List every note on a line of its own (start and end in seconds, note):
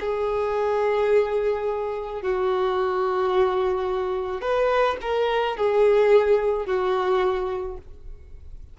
0.00 2.22 G#4
2.22 4.41 F#4
4.41 4.97 B4
5.01 5.57 A#4
5.57 6.66 G#4
6.66 7.77 F#4